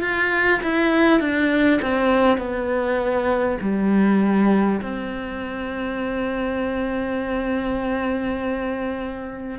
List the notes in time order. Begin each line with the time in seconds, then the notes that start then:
0.00 F4
0.62 E4
1.20 D4
1.81 C4
2.38 B3
3.61 G3
4.81 C4